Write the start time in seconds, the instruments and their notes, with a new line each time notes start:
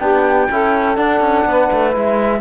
0.00 cello B3, trombone D4, saxophone G4, flute G5
0.51 cello C#4, trombone E4, saxophone A4
0.96 trombone D4, cello D4, flute F#5
1.21 cello C#4
1.46 cello B3, saxophone B4
1.72 cello A3
1.92 cello G#3, trombone E4, flute E5